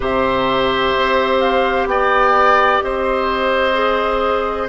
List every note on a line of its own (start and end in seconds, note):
0.00 0.94 C3
0.00 3.73 G4
0.00 1.88 C5
0.00 1.39 E5
0.96 1.86 C4
1.39 1.86 F5
1.86 2.79 B3
1.86 2.84 D5
1.86 2.81 G5
2.81 4.69 C4
2.81 4.69 C5
2.81 4.69 D#5
3.73 4.67 G#4